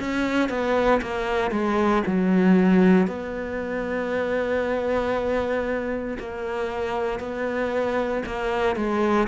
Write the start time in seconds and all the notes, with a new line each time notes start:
0.00 C#4
0.49 B3
1.02 A#3
1.51 G#3
2.07 F#3
3.08 B3
6.19 A#3
7.20 B3
8.26 A#3
8.76 G#3